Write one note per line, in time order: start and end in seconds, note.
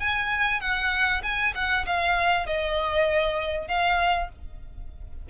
0.00 0.60 G#5
0.60 1.22 F#5
1.23 1.53 G#5
1.55 1.85 F#5
1.86 2.46 F5
2.46 3.68 D#5
3.68 4.29 F5